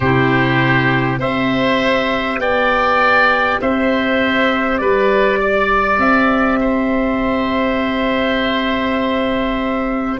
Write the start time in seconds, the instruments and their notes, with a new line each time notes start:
0.00 tuba C3, clarinet E4, oboe G4, trumpet C5
1.19 tuba C4, clarinet G4, oboe C5, trumpet E5
2.38 tuba B3, oboe D5, trumpet G5
3.60 tuba C4, oboe C5, trumpet E5
4.77 tuba G3, oboe B4, trumpet D5
5.39 oboe D5
5.98 tuba C4, trumpet E5
6.60 oboe C5